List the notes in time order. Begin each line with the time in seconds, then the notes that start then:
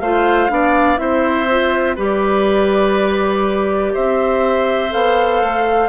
0.00 A3 F4 C5 F5
0.49 B3 D4 D5
0.97 C4 E4 C5 E5
1.49 F4
1.96 G3 G4 B4 D5
3.93 C4 C5 E5
4.90 B3 A4 F5
5.41 A3